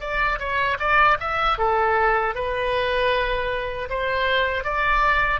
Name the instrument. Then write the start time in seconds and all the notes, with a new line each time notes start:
oboe
0.00 D5
0.39 C#5
0.79 D5
1.20 E5
1.57 A4
2.35 B4
3.89 C5
4.64 D5